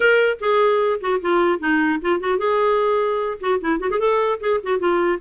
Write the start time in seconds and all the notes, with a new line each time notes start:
0.00 A#4
0.40 G#4
1.01 F#4
1.21 F4
1.59 D#4
2.01 F4
2.20 F#4
2.38 G#4
3.40 F#4
3.60 E4
3.79 F#4
3.90 G#4
3.99 A4
4.40 G#4
4.63 F#4
4.79 F4